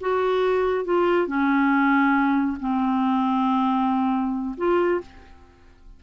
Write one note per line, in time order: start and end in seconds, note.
0.00 0.84 F#4
0.84 1.27 F4
1.27 2.57 C#4
2.60 4.56 C4
4.57 5.01 F4